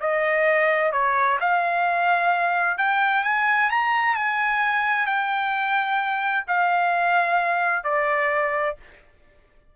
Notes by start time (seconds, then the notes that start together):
0.00 D#5
0.92 C#5
1.40 F5
2.78 G5
3.24 G#5
3.70 A#5
4.15 G#5
5.06 G5
6.47 F5
7.84 D5